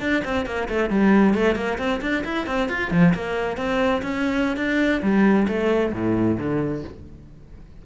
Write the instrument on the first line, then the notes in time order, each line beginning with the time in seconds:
cello
0.00 D4
0.24 C4
0.46 A#3
0.68 A3
0.90 G3
1.34 A3
1.55 A#3
1.78 C4
2.01 D4
2.24 E4
2.47 C4
2.69 F4
2.91 F3
3.14 A#3
3.57 C4
4.02 C#4
4.57 D4
5.02 G3
5.48 A3
5.93 A2
6.39 D3